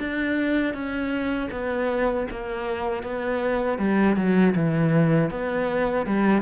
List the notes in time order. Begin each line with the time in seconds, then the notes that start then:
0.00 D4
0.74 C#4
1.51 B3
2.31 A#3
3.03 B3
3.78 G3
4.17 F#3
4.56 E3
5.31 B3
6.07 G3